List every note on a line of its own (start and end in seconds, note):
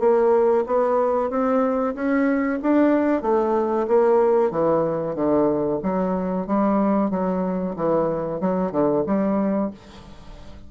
0.00 0.65 A#3
0.67 1.30 B3
1.30 1.95 C4
1.95 2.60 C#4
2.63 3.22 D4
3.22 3.87 A3
3.88 4.51 A#3
4.51 5.16 E3
5.16 5.80 D3
5.83 6.47 F#3
6.47 7.11 G3
7.11 7.75 F#3
7.76 8.41 E3
8.41 8.72 F#3
8.72 9.04 D3
9.07 9.71 G3